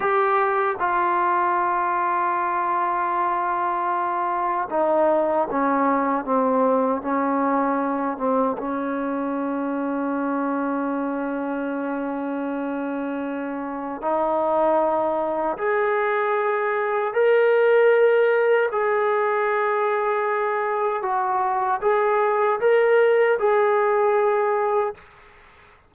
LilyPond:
\new Staff \with { instrumentName = "trombone" } { \time 4/4 \tempo 4 = 77 g'4 f'2.~ | f'2 dis'4 cis'4 | c'4 cis'4. c'8 cis'4~ | cis'1~ |
cis'2 dis'2 | gis'2 ais'2 | gis'2. fis'4 | gis'4 ais'4 gis'2 | }